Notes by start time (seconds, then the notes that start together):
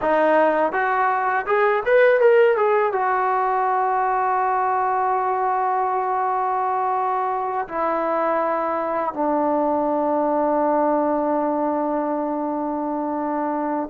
0.01 D#4
0.72 F#4
1.46 G#4
1.85 B4
2.20 A#4
2.56 G#4
2.92 F#4
7.68 E4
9.13 D4